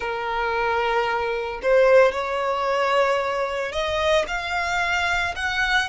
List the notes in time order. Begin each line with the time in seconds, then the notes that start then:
0.00 A#4
1.62 C5
2.12 C#5
3.72 D#5
4.27 F5
5.35 F#5